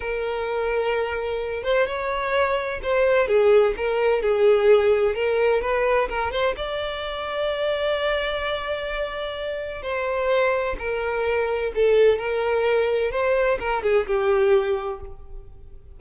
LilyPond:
\new Staff \with { instrumentName = "violin" } { \time 4/4 \tempo 4 = 128 ais'2.~ ais'8 c''8 | cis''2 c''4 gis'4 | ais'4 gis'2 ais'4 | b'4 ais'8 c''8 d''2~ |
d''1~ | d''4 c''2 ais'4~ | ais'4 a'4 ais'2 | c''4 ais'8 gis'8 g'2 | }